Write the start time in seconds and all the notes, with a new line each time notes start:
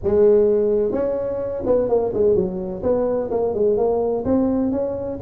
0.03 G#3
0.91 C#4
1.66 B3
1.88 A#3
2.13 G#3
2.35 F#3
2.82 B3
3.30 A#3
3.54 G#3
3.77 A#3
4.24 C4
4.71 C#4